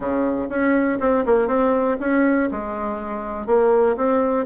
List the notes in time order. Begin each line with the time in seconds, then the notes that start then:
0.00 C#3
0.49 C#4
1.00 C4
1.25 A#3
1.47 C4
2.00 C#4
2.51 G#3
3.46 A#3
3.96 C4